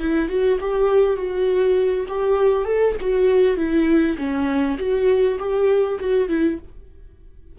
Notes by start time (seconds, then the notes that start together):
0.00 E4
0.29 F#4
0.61 G4
1.17 F#4
2.09 G4
2.65 A4
3.01 F#4
3.57 E4
4.18 C#4
4.79 F#4
5.39 G4
6.00 F#4
6.29 E4